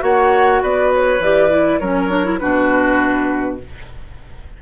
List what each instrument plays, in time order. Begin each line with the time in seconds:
0.00 bassoon A#3, clarinet F#4, oboe C#5, flute F#5
0.62 bassoon B3, oboe B4, flute D5
0.94 flute C#5
1.20 bassoon E3, clarinet G4, flute D5
1.50 clarinet E4
1.80 bassoon F#3, clarinet C#4, oboe A#4, flute C#5
2.10 clarinet D4
2.25 clarinet E4
2.39 bassoon B2, clarinet D4, oboe F#4, flute B4